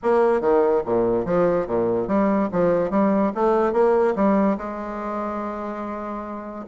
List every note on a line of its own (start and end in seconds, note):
0.02 0.41 A#3
0.41 0.82 D#3
0.85 1.25 A#2
1.25 1.66 F3
1.66 2.07 A#2
2.07 2.49 G3
2.52 2.90 F3
2.90 3.32 G3
3.34 3.72 A3
3.72 4.14 A#3
4.15 4.57 G3
4.57 6.65 G#3